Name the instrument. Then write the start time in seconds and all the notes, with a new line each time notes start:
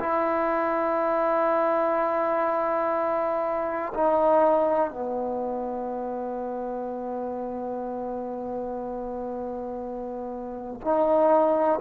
trombone
0.00 E4
3.94 D#4
4.91 B3
10.82 D#4